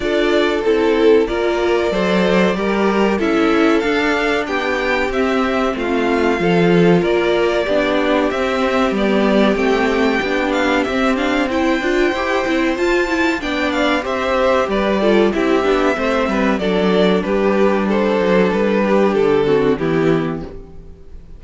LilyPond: <<
  \new Staff \with { instrumentName = "violin" } { \time 4/4 \tempo 4 = 94 d''4 a'4 d''2~ | d''4 e''4 f''4 g''4 | e''4 f''2 d''4~ | d''4 e''4 d''4 g''4~ |
g''8 f''8 e''8 f''8 g''2 | a''4 g''8 f''8 e''4 d''4 | e''2 d''4 b'4 | c''4 b'4 a'4 g'4 | }
  \new Staff \with { instrumentName = "violin" } { \time 4/4 a'2 ais'4 c''4 | ais'4 a'2 g'4~ | g'4 f'4 a'4 ais'4 | g'1~ |
g'2 c''2~ | c''4 d''4 c''4 b'8 a'8 | g'4 c''8 b'8 a'4 g'4 | a'4. g'4 fis'8 e'4 | }
  \new Staff \with { instrumentName = "viola" } { \time 4/4 f'4 e'4 f'4 a'4 | g'4 e'4 d'2 | c'2 f'2 | d'4 c'4 b4 c'4 |
d'4 c'8 d'8 e'8 f'8 g'8 e'8 | f'8 e'8 d'4 g'4. f'8 | e'8 d'8 c'4 d'2~ | d'2~ d'8 c'8 b4 | }
  \new Staff \with { instrumentName = "cello" } { \time 4/4 d'4 c'4 ais4 fis4 | g4 cis'4 d'4 b4 | c'4 a4 f4 ais4 | b4 c'4 g4 a4 |
b4 c'4. d'8 e'8 c'8 | f'4 b4 c'4 g4 | c'8 b8 a8 g8 fis4 g4~ | g8 fis8 g4 d4 e4 | }
>>